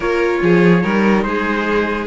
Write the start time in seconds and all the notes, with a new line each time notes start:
0.00 A#3 F4 A#4 C#5
0.42 F3 G#4
0.82 G3 D#4 A#4
1.22 G#3 G#4 C5